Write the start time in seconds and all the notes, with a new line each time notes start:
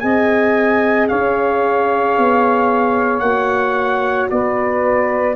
0.00 C4 G#4 D#5 G#5
1.08 C#4 C#5 F5
2.18 B3
3.20 A#3 F#4 F#5
4.30 B3 B4 D5